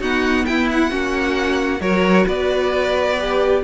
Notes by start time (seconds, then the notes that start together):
0.00 B3 D#4 F#4 F#5
0.45 E4 G5
0.71 F#5
0.90 A#3 C#4 F#4
1.80 F#3 F#4 A#4 C#5
2.26 B3 B4 D5
3.19 G4